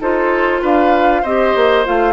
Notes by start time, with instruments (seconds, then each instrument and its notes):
0.00 bassoon D#4, clarinet F4, oboe A4, flute C5
0.61 bassoon D4, oboe B4, flute F5
1.22 bassoon C4, clarinet G4, oboe C5, flute D#5
1.55 bassoon A#3
1.85 bassoon A3, clarinet F4, flute F5